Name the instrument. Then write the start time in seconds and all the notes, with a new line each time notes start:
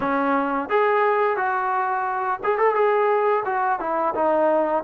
trombone
0.00 C#4
0.69 G#4
1.36 F#4
2.43 G#4
2.58 A4
2.74 G#4
3.45 F#4
3.79 E4
4.14 D#4